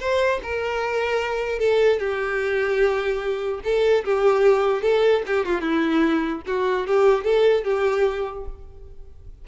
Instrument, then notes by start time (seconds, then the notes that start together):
violin
0.00 C5
0.43 A#4
1.59 A4
2.00 G4
3.64 A4
4.05 G4
4.82 A4
5.27 G4
5.46 F4
5.61 E4
6.47 F#4
6.87 G4
7.24 A4
7.65 G4